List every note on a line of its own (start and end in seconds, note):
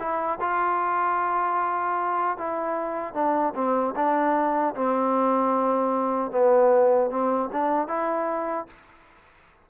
0.00 0.39 E4
0.41 2.38 F4
2.38 3.14 E4
3.14 3.54 D4
3.55 3.95 C4
3.96 4.75 D4
4.75 6.32 C4
6.32 7.11 B3
7.11 7.50 C4
7.53 7.88 D4
7.88 8.67 E4